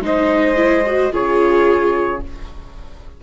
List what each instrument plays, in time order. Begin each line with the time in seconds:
0.00 bassoon G#3, viola D#4, violin C5, trumpet D#5
0.56 viola E4
0.86 viola F#4
1.11 bassoon C#3, viola F4, violin G#4, trumpet C#5